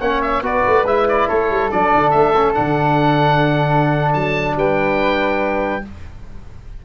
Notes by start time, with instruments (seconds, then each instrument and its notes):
0.00 tuba A#3, trombone C#4, flute C#5, oboe F#5
0.21 oboe E5
0.42 tuba B3, trombone F#4, flute B4, oboe D5
0.67 tuba A3
0.84 tuba G#3, trombone E4, oboe E5
1.08 oboe D5
1.28 tuba A3, flute A4, oboe C#5
1.50 tuba G3
1.71 tuba F#3, trombone D4, oboe D5
1.94 tuba D3
2.10 tuba A3, oboe E5
2.36 trombone C#4
2.54 tuba D3, trombone D4, oboe F#5
4.13 tuba F#3, oboe A5
4.55 tuba G3, flute B4, oboe G5